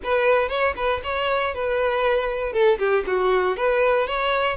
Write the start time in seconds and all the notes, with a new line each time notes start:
0.03 B4
0.48 C#5
0.76 B4
1.03 C#5
1.54 B4
2.52 A4
2.78 G4
3.06 F#4
3.56 B4
4.07 C#5